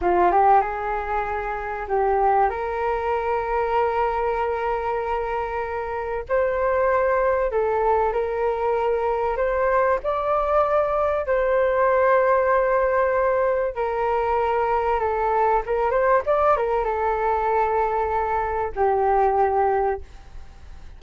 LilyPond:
\new Staff \with { instrumentName = "flute" } { \time 4/4 \tempo 4 = 96 f'8 g'8 gis'2 g'4 | ais'1~ | ais'2 c''2 | a'4 ais'2 c''4 |
d''2 c''2~ | c''2 ais'2 | a'4 ais'8 c''8 d''8 ais'8 a'4~ | a'2 g'2 | }